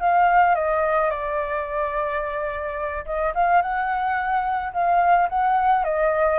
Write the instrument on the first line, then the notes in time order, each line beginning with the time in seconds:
flute
0.00 F5
0.55 D#5
1.10 D5
3.05 D#5
3.35 F5
3.62 F#5
4.73 F5
5.29 F#5
5.84 D#5